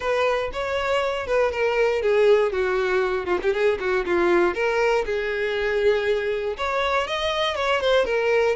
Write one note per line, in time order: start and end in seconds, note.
0.00 0.50 B4
0.52 1.27 C#5
1.27 1.51 B4
1.51 2.02 A#4
2.02 2.52 G#4
2.52 3.25 F#4
3.25 3.38 F4
3.42 3.53 G4
3.53 3.78 G#4
3.79 4.05 F#4
4.05 4.54 F4
4.54 5.04 A#4
5.05 6.57 G#4
6.57 7.07 C#5
7.07 7.55 D#5
7.55 7.81 C#5
7.81 8.05 C5
8.05 8.55 A#4